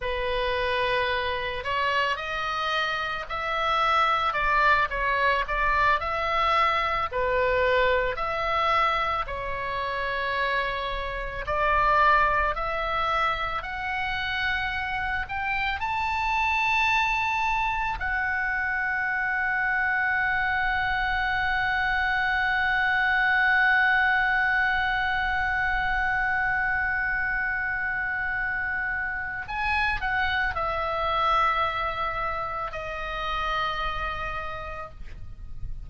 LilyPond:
\new Staff \with { instrumentName = "oboe" } { \time 4/4 \tempo 4 = 55 b'4. cis''8 dis''4 e''4 | d''8 cis''8 d''8 e''4 b'4 e''8~ | e''8 cis''2 d''4 e''8~ | e''8 fis''4. g''8 a''4.~ |
a''8 fis''2.~ fis''8~ | fis''1~ | fis''2. gis''8 fis''8 | e''2 dis''2 | }